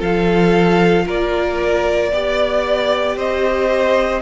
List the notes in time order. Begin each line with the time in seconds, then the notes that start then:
0.00 F3 F4 A4 F5
1.07 A#3 A#4 D5
2.12 B3 G4 D5
3.17 C4 C5 D#5